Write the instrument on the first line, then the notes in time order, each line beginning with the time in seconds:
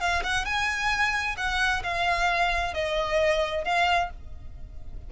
violin
0.00 F5
0.24 F#5
0.45 G#5
1.37 F#5
1.83 F5
2.74 D#5
3.65 F5